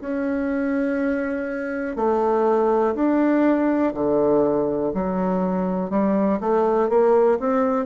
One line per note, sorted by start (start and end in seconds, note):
0.00 1.96 C#4
1.96 2.94 A3
2.95 3.93 D4
3.93 4.92 D3
4.94 5.90 F#3
5.90 6.39 G3
6.40 6.89 A3
6.89 7.38 A#3
7.39 7.86 C4